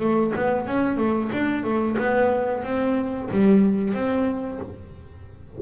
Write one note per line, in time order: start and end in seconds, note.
0.00 0.33 A3
0.36 0.67 B3
0.67 0.98 C#4
0.98 1.31 A3
1.33 1.64 D4
1.64 1.97 A3
1.99 2.64 B3
2.64 3.30 C4
3.31 3.94 G3
3.94 4.60 C4